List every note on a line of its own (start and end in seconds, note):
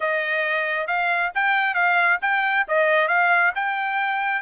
0.00 0.87 D#5
0.87 1.31 F5
1.34 1.74 G5
1.74 2.18 F5
2.21 2.66 G5
2.68 3.08 D#5
3.08 3.52 F5
3.55 4.42 G5